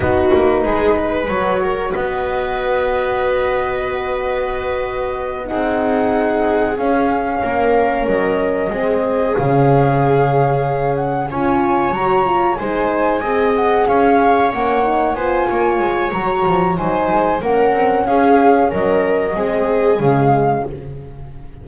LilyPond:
<<
  \new Staff \with { instrumentName = "flute" } { \time 4/4 \tempo 4 = 93 b'2 cis''4 dis''4~ | dis''1~ | dis''8 fis''2 f''4.~ | f''8 dis''2 f''4.~ |
f''4 fis''8 gis''4 ais''4 gis''8~ | gis''4 fis''8 f''4 fis''4 gis''8~ | gis''4 ais''4 gis''4 fis''4 | f''4 dis''2 f''4 | }
  \new Staff \with { instrumentName = "viola" } { \time 4/4 fis'4 gis'8 b'4 ais'8 b'4~ | b'1~ | b'8 gis'2. ais'8~ | ais'4. gis'2~ gis'8~ |
gis'4. cis''2 c''8~ | c''8 dis''4 cis''2 c''8 | cis''2 c''4 ais'4 | gis'4 ais'4 gis'2 | }
  \new Staff \with { instrumentName = "horn" } { \time 4/4 dis'2 fis'2~ | fis'1~ | fis'8 dis'2 cis'4.~ | cis'4. c'4 cis'4.~ |
cis'4. f'4 fis'8 f'8 dis'8~ | dis'8 gis'2 cis'8 dis'8 f'8~ | f'4 fis'4 dis'4 cis'4~ | cis'2 c'4 gis4 | }
  \new Staff \with { instrumentName = "double bass" } { \time 4/4 b8 ais8 gis4 fis4 b4~ | b1~ | b8 c'2 cis'4 ais8~ | ais8 fis4 gis4 cis4.~ |
cis4. cis'4 fis4 gis8~ | gis8 c'4 cis'4 ais4 b8 | ais8 gis8 fis8 f8 fis8 gis8 ais8 c'8 | cis'4 fis4 gis4 cis4 | }
>>